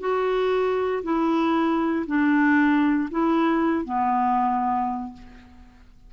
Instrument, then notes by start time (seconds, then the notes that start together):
clarinet
0.00 F#4
1.03 E4
2.07 D4
3.11 E4
3.85 B3